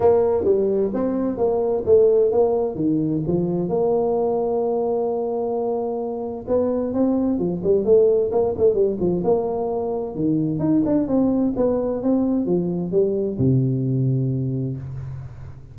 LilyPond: \new Staff \with { instrumentName = "tuba" } { \time 4/4 \tempo 4 = 130 ais4 g4 c'4 ais4 | a4 ais4 dis4 f4 | ais1~ | ais2 b4 c'4 |
f8 g8 a4 ais8 a8 g8 f8 | ais2 dis4 dis'8 d'8 | c'4 b4 c'4 f4 | g4 c2. | }